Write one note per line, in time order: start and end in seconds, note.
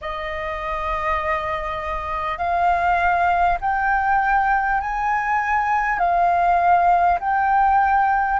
0.01 2.37 D#5
2.37 3.57 F5
3.60 4.80 G5
4.80 5.98 G#5
5.98 7.18 F5
7.20 8.39 G5